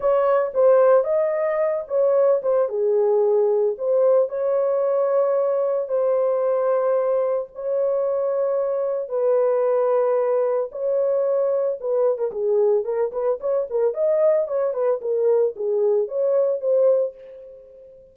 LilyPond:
\new Staff \with { instrumentName = "horn" } { \time 4/4 \tempo 4 = 112 cis''4 c''4 dis''4. cis''8~ | cis''8 c''8 gis'2 c''4 | cis''2. c''4~ | c''2 cis''2~ |
cis''4 b'2. | cis''2 b'8. ais'16 gis'4 | ais'8 b'8 cis''8 ais'8 dis''4 cis''8 b'8 | ais'4 gis'4 cis''4 c''4 | }